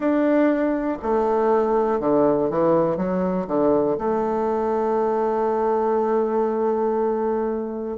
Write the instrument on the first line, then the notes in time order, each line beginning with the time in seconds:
bassoon
0.00 D4
1.02 A3
2.00 D3
2.50 E3
2.96 F#3
3.47 D3
3.98 A3